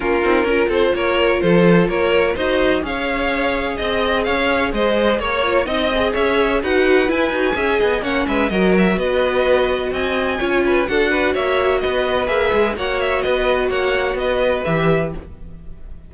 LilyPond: <<
  \new Staff \with { instrumentName = "violin" } { \time 4/4 \tempo 4 = 127 ais'4. c''8 cis''4 c''4 | cis''4 dis''4 f''2 | dis''4 f''4 dis''4 cis''4 | dis''4 e''4 fis''4 gis''4~ |
gis''4 fis''8 e''8 dis''8 e''8 dis''4~ | dis''4 gis''2 fis''4 | e''4 dis''4 e''4 fis''8 e''8 | dis''4 fis''4 dis''4 e''4 | }
  \new Staff \with { instrumentName = "violin" } { \time 4/4 f'4 ais'8 a'8 ais'4 a'4 | ais'4 c''4 cis''2 | dis''4 cis''4 c''4 cis''4 | dis''4 cis''4 b'2 |
e''8 dis''8 cis''8 b'8 ais'4 b'4~ | b'4 dis''4 cis''8 b'8 a'8 b'8 | cis''4 b'2 cis''4 | b'4 cis''4 b'2 | }
  \new Staff \with { instrumentName = "viola" } { \time 4/4 cis'8 dis'8 f'2.~ | f'4 fis'4 gis'2~ | gis'2.~ gis'8 f'8 | dis'8 gis'4. fis'4 e'8 fis'8 |
gis'4 cis'4 fis'2~ | fis'2 f'4 fis'4~ | fis'2 gis'4 fis'4~ | fis'2. g'4 | }
  \new Staff \with { instrumentName = "cello" } { \time 4/4 ais8 c'8 cis'8 c'8 ais4 f4 | ais4 dis'4 cis'2 | c'4 cis'4 gis4 ais4 | c'4 cis'4 dis'4 e'8 dis'8 |
cis'8 b8 ais8 gis8 fis4 b4~ | b4 c'4 cis'4 d'4 | ais4 b4 ais8 gis8 ais4 | b4 ais4 b4 e4 | }
>>